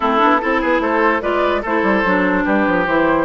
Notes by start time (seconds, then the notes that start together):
0.00 A3 C4 E4 A4
0.18 B3 D4
0.41 C4 E4 A4
0.60 B3 G#4 B4
0.79 A3 A4 C5
1.21 G#3 F4 B4 D5
1.61 A3 E4 A4 C5
1.82 G3
2.04 F#3 D4
2.45 G3 G4 B4
2.67 F3
2.86 E3 E4 C5